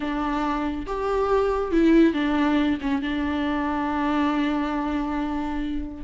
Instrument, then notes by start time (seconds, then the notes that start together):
viola
0.00 D4
0.86 G4
1.71 E4
2.13 D4
2.81 C#4
3.02 D4